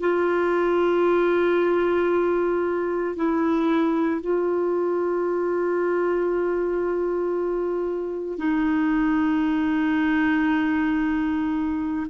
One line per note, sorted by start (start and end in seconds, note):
0.00 3.16 F4
3.16 4.21 E4
4.21 8.38 F4
8.38 12.07 D#4